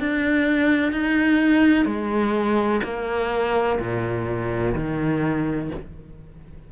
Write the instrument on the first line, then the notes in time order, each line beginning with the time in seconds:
cello
0.00 D4
0.92 D#4
1.86 G#3
2.84 A#3
3.80 A#2
4.75 D#3